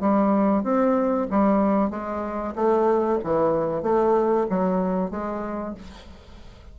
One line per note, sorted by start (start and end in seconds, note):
0.00 0.63 G3
0.63 1.27 C4
1.31 1.90 G3
1.90 2.54 G#3
2.55 3.19 A3
3.24 3.83 E3
3.83 4.47 A3
4.50 5.11 F#3
5.11 5.74 G#3